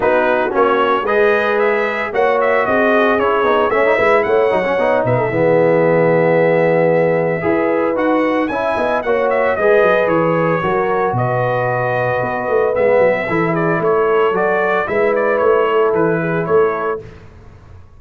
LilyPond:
<<
  \new Staff \with { instrumentName = "trumpet" } { \time 4/4 \tempo 4 = 113 b'4 cis''4 dis''4 e''4 | fis''8 e''8 dis''4 cis''4 e''4 | fis''4. e''2~ e''8~ | e''2. fis''4 |
gis''4 fis''8 e''8 dis''4 cis''4~ | cis''4 dis''2. | e''4. d''8 cis''4 d''4 | e''8 d''8 cis''4 b'4 cis''4 | }
  \new Staff \with { instrumentName = "horn" } { \time 4/4 fis'2 b'2 | cis''4 gis'2 cis''8 b'8 | cis''4. b'16 a'16 gis'2~ | gis'2 b'2 |
e''8 dis''8 cis''4 b'2 | ais'4 b'2.~ | b'4 a'8 gis'8 a'2 | b'4. a'4 gis'8 a'4 | }
  \new Staff \with { instrumentName = "trombone" } { \time 4/4 dis'4 cis'4 gis'2 | fis'2 e'8 dis'8 cis'16 dis'16 e'8~ | e'8 dis'16 cis'16 dis'4 b2~ | b2 gis'4 fis'4 |
e'4 fis'4 gis'2 | fis'1 | b4 e'2 fis'4 | e'1 | }
  \new Staff \with { instrumentName = "tuba" } { \time 4/4 b4 ais4 gis2 | ais4 c'4 cis'8 b8 a8 gis8 | a8 fis8 b8 b,8 e2~ | e2 e'4 dis'4 |
cis'8 b8 ais4 gis8 fis8 e4 | fis4 b,2 b8 a8 | gis8 fis8 e4 a4 fis4 | gis4 a4 e4 a4 | }
>>